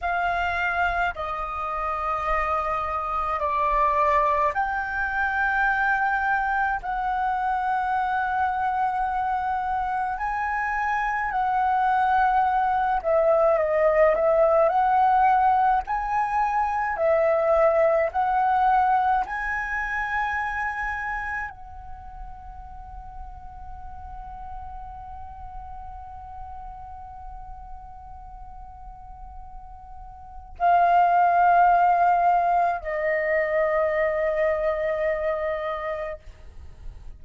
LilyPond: \new Staff \with { instrumentName = "flute" } { \time 4/4 \tempo 4 = 53 f''4 dis''2 d''4 | g''2 fis''2~ | fis''4 gis''4 fis''4. e''8 | dis''8 e''8 fis''4 gis''4 e''4 |
fis''4 gis''2 fis''4~ | fis''1~ | fis''2. f''4~ | f''4 dis''2. | }